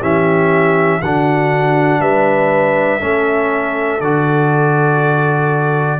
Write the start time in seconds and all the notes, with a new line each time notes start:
0.00 E3 C#4 G4 E5
1.01 D3 D4 F#4 F#5
2.00 G3 B4 E5
3.00 A3 C#4 A4
4.01 D3 F#4 D5